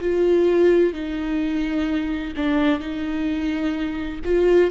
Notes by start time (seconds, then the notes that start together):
0.00 F4
0.93 D#4
2.36 D4
2.80 D#4
4.24 F4